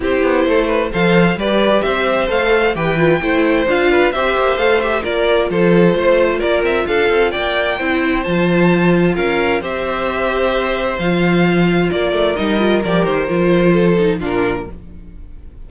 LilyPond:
<<
  \new Staff \with { instrumentName = "violin" } { \time 4/4 \tempo 4 = 131 c''2 f''4 d''4 | e''4 f''4 g''2 | f''4 e''4 f''8 e''8 d''4 | c''2 d''8 e''8 f''4 |
g''2 a''2 | f''4 e''2. | f''2 d''4 dis''4 | d''8 c''2~ c''8 ais'4 | }
  \new Staff \with { instrumentName = "violin" } { \time 4/4 g'4 a'8 b'8 c''4 b'4 | c''2 b'4 c''4~ | c''8 b'8 c''2 ais'4 | a'4 c''4 ais'4 a'4 |
d''4 c''2. | ais'4 c''2.~ | c''2 ais'2~ | ais'2 a'4 f'4 | }
  \new Staff \with { instrumentName = "viola" } { \time 4/4 e'2 a'4 g'4~ | g'4 a'4 g'8 f'8 e'4 | f'4 g'4 a'8 g'8 f'4~ | f'1~ |
f'4 e'4 f'2~ | f'4 g'2. | f'2. dis'8 f'8 | g'4 f'4. dis'8 d'4 | }
  \new Staff \with { instrumentName = "cello" } { \time 4/4 c'8 b8 a4 f4 g4 | c'4 a4 e4 a4 | d'4 c'8 ais8 a4 ais4 | f4 a4 ais8 c'8 d'8 c'8 |
ais4 c'4 f2 | cis'4 c'2. | f2 ais8 a8 g4 | f8 dis8 f2 ais,4 | }
>>